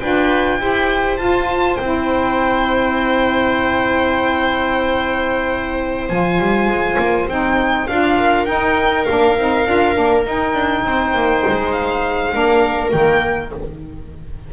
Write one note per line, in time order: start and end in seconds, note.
0.00 0.60 D4
0.00 0.60 F4
0.00 0.59 B4
0.00 1.17 G5
0.60 1.18 E4
0.60 1.18 G4
0.60 8.18 C5
1.17 1.77 F4
1.17 1.78 F4
1.17 1.76 A5
1.77 6.10 C4
1.77 6.09 E4
1.77 6.07 G5
6.09 6.39 F3
6.09 7.28 F4
6.09 7.27 G#5
6.39 6.67 G3
6.67 6.97 G#3
6.98 7.28 A#3
7.28 7.87 C4
7.28 7.88 D#4
7.28 7.87 G5
7.87 8.48 D4
7.87 8.46 F4
7.87 8.45 F5
8.18 10.85 A#4
8.45 9.05 D#4
8.45 9.07 D#4
8.45 9.05 G5
9.05 9.38 A#3
9.05 9.37 D4
9.05 10.23 F5
9.38 9.67 C4
9.38 9.67 D#4
9.67 9.96 D4
9.67 9.94 F4
9.94 10.26 A#3
9.94 10.24 D4
10.25 12.32 D#4
10.25 10.54 D#4
10.25 11.72 G5
10.54 10.84 D4
10.84 11.14 C4
10.84 12.34 C5
11.14 11.44 A#3
11.47 12.34 G#3
11.72 12.90 F5
12.32 12.93 A#3
12.32 12.91 D4
12.32 13.53 A#4
12.91 13.53 D#3
12.91 13.51 A#3
12.91 13.51 G5